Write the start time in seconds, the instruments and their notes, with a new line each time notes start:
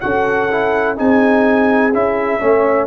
0.00 tuba C#4, trombone F#4, horn A4, trumpet F#5
0.51 trombone E4
0.96 tuba C4, trombone D#4, horn G#4, trumpet G#5
1.93 tuba C#4, trombone E4, trumpet E5
2.40 tuba A3, trombone C#4, horn C#5